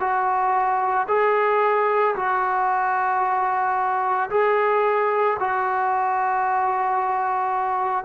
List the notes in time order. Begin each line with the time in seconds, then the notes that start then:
0.00 F#4
1.08 G#4
2.16 F#4
4.31 G#4
5.40 F#4